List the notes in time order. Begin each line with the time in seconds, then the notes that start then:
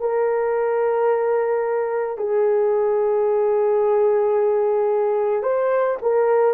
0.00 A#4
2.17 G#4
5.42 C5
6.02 A#4